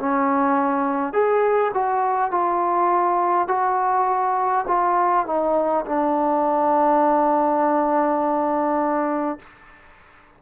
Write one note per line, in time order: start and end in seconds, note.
0.00 1.13 C#4
1.13 1.72 G#4
1.74 2.32 F#4
2.32 3.48 F4
3.48 4.66 F#4
4.68 5.27 F4
5.27 5.86 D#4
5.86 9.39 D4